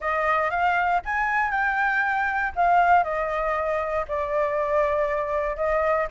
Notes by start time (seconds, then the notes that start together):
0.00 D#5
0.50 F5
1.05 G#5
1.50 G5
2.55 F5
3.03 D#5
4.07 D5
5.56 D#5